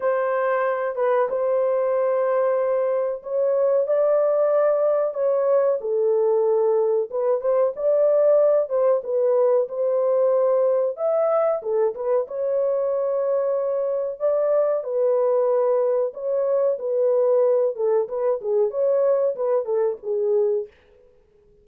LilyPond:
\new Staff \with { instrumentName = "horn" } { \time 4/4 \tempo 4 = 93 c''4. b'8 c''2~ | c''4 cis''4 d''2 | cis''4 a'2 b'8 c''8 | d''4. c''8 b'4 c''4~ |
c''4 e''4 a'8 b'8 cis''4~ | cis''2 d''4 b'4~ | b'4 cis''4 b'4. a'8 | b'8 gis'8 cis''4 b'8 a'8 gis'4 | }